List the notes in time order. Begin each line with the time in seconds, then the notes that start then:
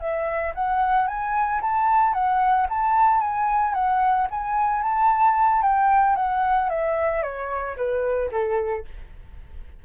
0.00 E5
0.55 F#5
1.08 G#5
1.61 A5
2.14 F#5
2.70 A5
3.20 G#5
3.74 F#5
4.31 G#5
4.83 A5
5.62 G5
6.16 F#5
6.70 E5
7.23 C#5
7.77 B4
8.32 A4